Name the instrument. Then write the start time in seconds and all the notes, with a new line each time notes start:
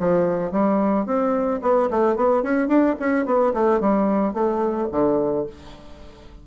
bassoon
0.00 F3
0.52 G3
1.06 C4
1.62 B3
1.90 A3
2.16 B3
2.43 C#4
2.68 D4
3.00 C#4
3.26 B3
3.54 A3
3.81 G3
4.34 A3
4.92 D3